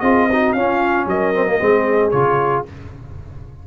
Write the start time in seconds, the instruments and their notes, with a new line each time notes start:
0.00 tuba C4, trombone F4, horn G#4, trumpet D#5
0.30 trombone D#4, horn F#4
0.53 tuba C#4, trombone C#4, horn F4, trumpet F5
1.06 tuba F#3, horn A#4, trumpet D#5
1.34 trombone C4
1.47 trombone A#3
1.59 tuba G#3, trombone C4, horn G#4
2.10 tuba C#3, trombone F4, trumpet C#5